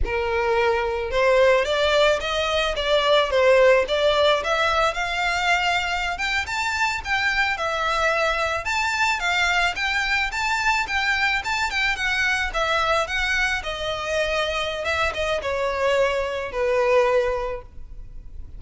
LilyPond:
\new Staff \with { instrumentName = "violin" } { \time 4/4 \tempo 4 = 109 ais'2 c''4 d''4 | dis''4 d''4 c''4 d''4 | e''4 f''2~ f''16 g''8 a''16~ | a''8. g''4 e''2 a''16~ |
a''8. f''4 g''4 a''4 g''16~ | g''8. a''8 g''8 fis''4 e''4 fis''16~ | fis''8. dis''2~ dis''16 e''8 dis''8 | cis''2 b'2 | }